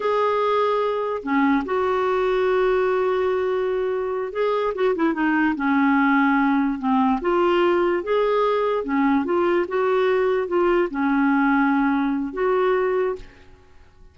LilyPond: \new Staff \with { instrumentName = "clarinet" } { \time 4/4 \tempo 4 = 146 gis'2. cis'4 | fis'1~ | fis'2~ fis'8 gis'4 fis'8 | e'8 dis'4 cis'2~ cis'8~ |
cis'8 c'4 f'2 gis'8~ | gis'4. cis'4 f'4 fis'8~ | fis'4. f'4 cis'4.~ | cis'2 fis'2 | }